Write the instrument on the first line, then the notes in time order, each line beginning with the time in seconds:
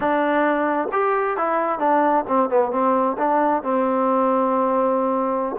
trombone
0.00 D4
0.92 G4
1.37 E4
1.79 D4
2.27 C4
2.49 B3
2.71 C4
3.18 D4
3.62 C4